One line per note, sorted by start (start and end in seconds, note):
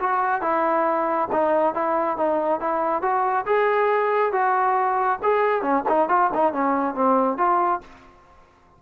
0.00 0.42 F#4
0.42 1.29 E4
1.32 1.74 D#4
1.74 2.17 E4
2.17 2.60 D#4
2.60 3.02 E4
3.02 3.45 F#4
3.46 4.33 G#4
4.33 5.20 F#4
5.23 5.62 G#4
5.62 5.84 C#4
5.89 6.09 D#4
6.09 6.31 F4
6.34 6.53 D#4
6.53 6.95 C#4
6.95 7.38 C4
7.38 7.81 F4